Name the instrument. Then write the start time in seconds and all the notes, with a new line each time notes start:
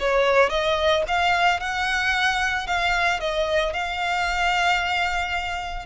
violin
0.00 C#5
0.50 D#5
1.08 F5
1.61 F#5
2.67 F5
3.20 D#5
3.74 F5